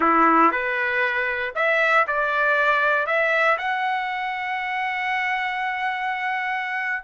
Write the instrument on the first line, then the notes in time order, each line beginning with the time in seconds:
trumpet
0.00 E4
0.51 B4
1.55 E5
2.07 D5
3.06 E5
3.58 F#5